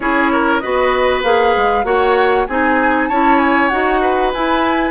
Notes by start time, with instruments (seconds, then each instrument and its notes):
0.00 bassoon C#4, clarinet E4, oboe G#4, flute C#5
0.32 oboe A#4
0.59 bassoon B3, clarinet F#4, oboe B4, flute D#5
1.23 bassoon A#3, clarinet G#4, flute F5
1.56 bassoon G#3
1.84 bassoon A#3, clarinet F#4, oboe C#5, flute F#5
2.46 bassoon C4, clarinet D#4, oboe G#4, flute G#5
3.08 bassoon C#4, clarinet E4, oboe C#5, flute A5
3.39 flute G#5
3.68 bassoon D#4, clarinet F#4, flute F#5
4.01 oboe B4
4.33 bassoon E4, clarinet E4, flute G#5